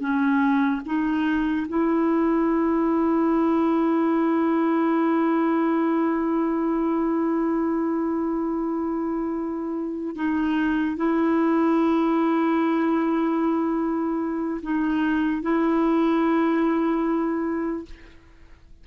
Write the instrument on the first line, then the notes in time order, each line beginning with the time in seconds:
clarinet
0.00 C#4
0.86 D#4
1.68 E4
10.16 D#4
10.96 E4
14.62 D#4
15.42 E4